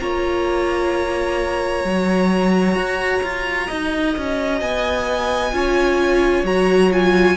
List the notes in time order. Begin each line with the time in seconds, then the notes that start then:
0.00 A#3 F4 C#5 A#5
1.84 F#3 F#4
2.75 F#4
3.23 F4
3.67 D#4 D#5
4.17 C#4
4.61 B3 G#5
5.53 C#4 F4 C#5
6.44 F#3 F#4 A#5
6.91 F4 G#5